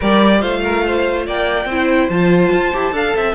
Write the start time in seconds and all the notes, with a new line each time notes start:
0.00 G3 G4 A#4 D5
0.40 A3 F4 C5 F5
0.64 A#4
0.85 C5
1.26 A#3 D5 G5
1.65 C4 E4 C5
2.09 F3 F4 A5
2.52 F4
2.73 E4 G4
2.92 D4 A4 F5
3.15 C4 E5